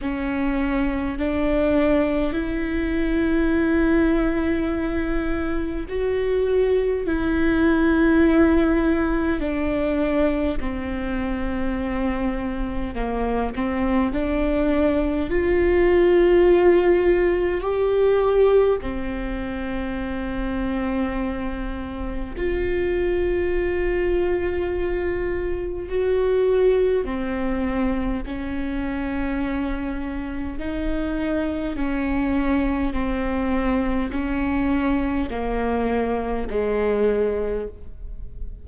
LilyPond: \new Staff \with { instrumentName = "viola" } { \time 4/4 \tempo 4 = 51 cis'4 d'4 e'2~ | e'4 fis'4 e'2 | d'4 c'2 ais8 c'8 | d'4 f'2 g'4 |
c'2. f'4~ | f'2 fis'4 c'4 | cis'2 dis'4 cis'4 | c'4 cis'4 ais4 gis4 | }